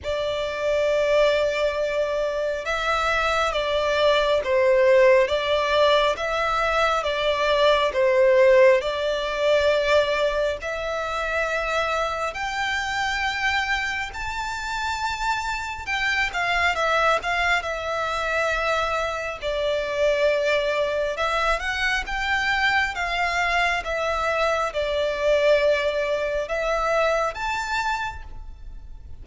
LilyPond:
\new Staff \with { instrumentName = "violin" } { \time 4/4 \tempo 4 = 68 d''2. e''4 | d''4 c''4 d''4 e''4 | d''4 c''4 d''2 | e''2 g''2 |
a''2 g''8 f''8 e''8 f''8 | e''2 d''2 | e''8 fis''8 g''4 f''4 e''4 | d''2 e''4 a''4 | }